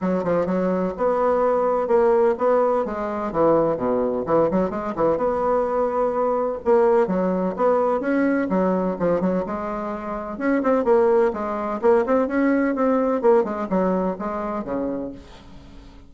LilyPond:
\new Staff \with { instrumentName = "bassoon" } { \time 4/4 \tempo 4 = 127 fis8 f8 fis4 b2 | ais4 b4 gis4 e4 | b,4 e8 fis8 gis8 e8 b4~ | b2 ais4 fis4 |
b4 cis'4 fis4 f8 fis8 | gis2 cis'8 c'8 ais4 | gis4 ais8 c'8 cis'4 c'4 | ais8 gis8 fis4 gis4 cis4 | }